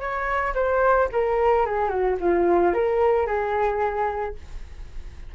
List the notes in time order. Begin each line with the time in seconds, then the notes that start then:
0.00 C#5
0.55 C5
1.13 A#4
1.66 G#4
1.89 F#4
2.20 F4
2.74 A#4
3.27 G#4